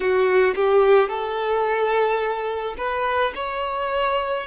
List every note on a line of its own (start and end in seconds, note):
0.00 0.54 F#4
0.55 1.08 G4
1.08 2.75 A4
2.77 3.33 B4
3.35 4.46 C#5